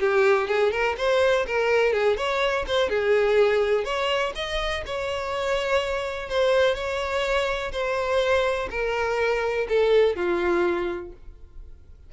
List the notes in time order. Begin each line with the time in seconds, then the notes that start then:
0.00 G4
0.48 G#4
0.71 A#4
0.98 C5
1.47 A#4
1.93 G#4
2.17 C#5
2.67 C5
2.89 G#4
3.85 C#5
4.35 D#5
4.86 C#5
6.29 C5
6.75 C#5
7.72 C5
8.70 A#4
9.69 A4
10.16 F4